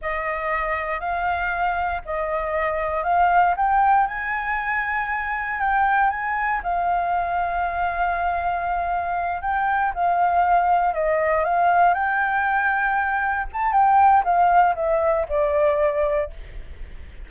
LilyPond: \new Staff \with { instrumentName = "flute" } { \time 4/4 \tempo 4 = 118 dis''2 f''2 | dis''2 f''4 g''4 | gis''2. g''4 | gis''4 f''2.~ |
f''2~ f''8 g''4 f''8~ | f''4. dis''4 f''4 g''8~ | g''2~ g''8 a''8 g''4 | f''4 e''4 d''2 | }